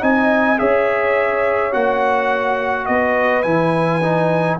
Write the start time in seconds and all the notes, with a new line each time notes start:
0.00 C4 D#4 D#5 G#5
0.59 C#4 G#4 C#5 E5
1.72 A#3 F#4 F#5
2.86 B3 B4 D#5
3.42 E3 E4 G#5
4.02 D#4